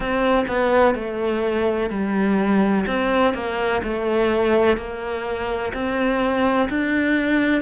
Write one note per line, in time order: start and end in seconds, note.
0.00 0.45 C4
0.47 0.94 B3
0.94 1.90 A3
1.90 2.85 G3
2.87 3.33 C4
3.33 3.81 A#3
3.83 4.77 A3
4.77 5.72 A#3
5.73 6.68 C4
6.69 7.61 D4